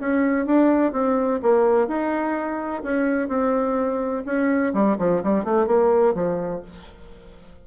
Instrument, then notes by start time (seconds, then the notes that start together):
bassoon
0.00 C#4
0.46 D4
0.93 C4
1.42 A#3
1.88 D#4
2.83 C#4
3.28 C4
4.26 C#4
4.74 G3
4.98 F3
5.23 G3
5.44 A3
5.67 A#3
6.14 F3